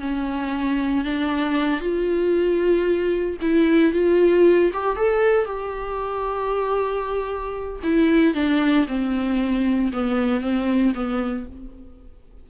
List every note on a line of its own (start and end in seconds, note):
0.00 1.04 C#4
1.05 1.80 D4
1.80 3.37 F4
3.42 3.93 E4
3.93 4.71 F4
4.73 4.96 G4
4.96 5.45 A4
5.45 7.80 G4
7.83 8.35 E4
8.35 8.87 D4
8.88 9.92 C4
9.93 10.41 B3
10.41 10.93 C4
10.94 11.47 B3